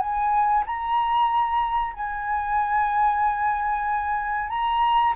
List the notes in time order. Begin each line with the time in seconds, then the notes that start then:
0.00 G#5
0.67 A#5
1.94 G#5
4.50 A#5